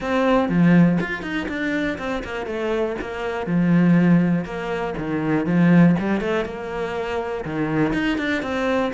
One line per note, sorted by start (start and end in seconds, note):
0.00 0.48 C4
0.48 0.98 F3
1.00 1.22 F4
1.22 1.47 D#4
1.48 1.98 D4
1.98 2.23 C4
2.24 2.46 A#3
2.46 2.95 A3
3.01 3.46 A#3
3.46 4.44 F3
4.44 4.94 A#3
4.97 5.45 D#3
5.45 5.95 F3
5.99 6.20 G3
6.20 6.45 A3
6.45 7.44 A#3
7.44 7.93 D#3
7.93 8.18 D#4
8.18 8.42 D4
8.42 8.92 C4